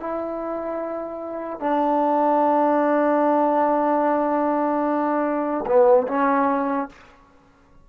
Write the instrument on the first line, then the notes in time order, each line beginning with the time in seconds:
trombone
0.00 E4
1.60 D4
5.66 B3
6.08 C#4